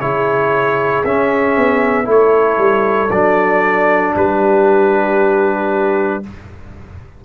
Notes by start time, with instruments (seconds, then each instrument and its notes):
0.00 tuba C#3, trombone E4, horn G#4, trumpet C#5
1.04 tuba C#4, trombone C#4, trumpet E5
1.57 tuba B3
2.04 tuba A3, trombone E4, horn A4
2.10 trumpet C#5
2.58 tuba G3
3.10 tuba F#3, trombone D4, trumpet D5
4.15 tuba G3, horn G4, trumpet B4